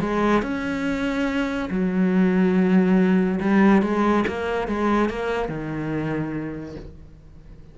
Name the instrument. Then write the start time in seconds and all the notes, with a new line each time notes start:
cello
0.00 G#3
0.42 C#4
1.70 F#3
3.40 G3
3.82 G#3
4.27 A#3
4.67 G#3
5.09 A#3
5.48 D#3